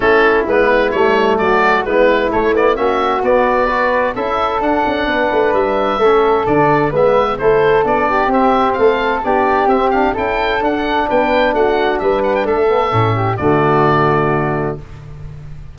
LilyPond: <<
  \new Staff \with { instrumentName = "oboe" } { \time 4/4 \tempo 4 = 130 a'4 b'4 cis''4 d''4 | b'4 cis''8 d''8 e''4 d''4~ | d''4 e''4 fis''2 | e''2 d''4 e''4 |
c''4 d''4 e''4 f''4 | d''4 e''8 f''8 g''4 fis''4 | g''4 fis''4 e''8 fis''16 g''16 e''4~ | e''4 d''2. | }
  \new Staff \with { instrumentName = "flute" } { \time 4/4 e'2. fis'4 | e'2 fis'2 | b'4 a'2 b'4~ | b'4 a'2 b'4 |
a'4. g'4. a'4 | g'2 a'2 | b'4 fis'4 b'4 a'4~ | a'8 g'8 fis'2. | }
  \new Staff \with { instrumentName = "trombone" } { \time 4/4 cis'4 b4 a2 | b4 a8 b8 cis'4 b4 | fis'4 e'4 d'2~ | d'4 cis'4 d'4 b4 |
e'4 d'4 c'2 | d'4 c'8 d'8 e'4 d'4~ | d'2.~ d'8 b8 | cis'4 a2. | }
  \new Staff \with { instrumentName = "tuba" } { \time 4/4 a4 gis4 g4 fis4 | gis4 a4 ais4 b4~ | b4 cis'4 d'8 cis'8 b8 a8 | g4 a4 d4 gis4 |
a4 b4 c'4 a4 | b4 c'4 cis'4 d'4 | b4 a4 g4 a4 | a,4 d2. | }
>>